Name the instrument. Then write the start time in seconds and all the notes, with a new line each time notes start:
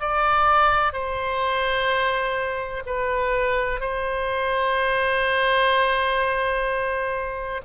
oboe
0.00 D5
0.93 C5
2.87 B4
3.81 C5